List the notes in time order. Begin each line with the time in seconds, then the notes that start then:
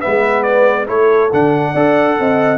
0.00 B3 B4 E5
0.06 G#3
0.43 D5
0.86 A3 E4 A4 C#5
1.33 D3 D4 F#5
1.72 D4 A4 D5
2.20 C4 D#5